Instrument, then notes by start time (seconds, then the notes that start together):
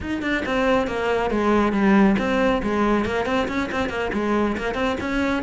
cello
0.00 D#4
0.22 D4
0.45 C4
0.87 A#3
1.30 G#3
1.72 G3
2.18 C4
2.62 G#3
3.05 A#3
3.25 C4
3.48 C#4
3.71 C4
3.89 A#3
4.13 G#3
4.57 A#3
4.74 C4
5.00 C#4